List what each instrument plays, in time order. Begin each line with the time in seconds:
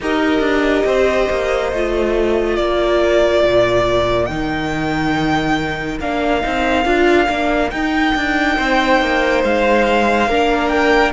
0.01 cello D#4, viola G4, violin A#4 D#5
0.40 cello D4
0.85 cello C4, violin C5
1.29 cello A#3
1.72 cello A3, viola F4
2.56 cello A#3, violin A#4 D5
3.44 cello A#2
4.26 cello D#3, viola D#4, violin G5
5.99 cello A#3, viola D4, violin F5
6.41 cello C4, viola D#4
6.84 cello D4, viola F4
7.27 cello A#3, viola D4
7.70 cello D#4, viola D#4, violin G5
8.15 cello D4
8.57 cello C4, violin C5
9.01 cello A#3
9.43 cello G#3, violin F5
10.27 cello A#3, viola D4, violin A#4
10.68 violin G5